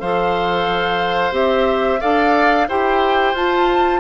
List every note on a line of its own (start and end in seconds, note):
0.00 1.32 F3
0.00 1.32 A4
0.00 2.00 C5
0.00 1.33 F5
1.32 1.98 C4
1.32 1.99 G4
1.32 2.01 E5
2.00 2.69 D4
2.00 2.67 A4
2.00 2.67 D5
2.00 2.67 F5
2.68 3.33 E4
2.68 3.35 G4
2.68 4.00 C5
2.68 3.36 G5
3.33 4.00 F4
3.33 4.00 A5